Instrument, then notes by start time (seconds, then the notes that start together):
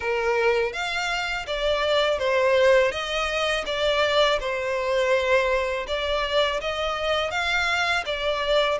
violin
0.00 A#4
0.72 F5
1.46 D5
2.19 C5
2.91 D#5
3.66 D5
4.40 C5
5.87 D5
6.61 D#5
7.30 F5
8.05 D5